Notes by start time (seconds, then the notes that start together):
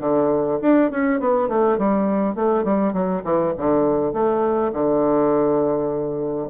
0.00 D3
0.61 D4
0.91 C#4
1.20 B3
1.48 A3
1.78 G3
2.35 A3
2.64 G3
2.93 F#3
3.24 E3
3.57 D3
4.13 A3
4.72 D3